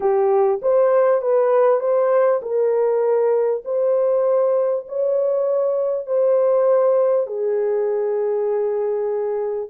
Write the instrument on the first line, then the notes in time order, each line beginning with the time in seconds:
horn
0.00 G4
0.62 C5
1.21 B4
1.79 C5
2.41 A#4
3.64 C5
4.88 C#5
6.06 C5
7.26 G#4